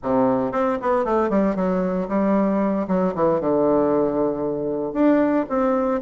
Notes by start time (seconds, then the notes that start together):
0.02 C3
0.51 C4
0.81 B3
1.04 A3
1.29 G3
1.55 F#3
2.08 G3
2.87 F#3
3.14 E3
3.40 D3
4.93 D4
5.49 C4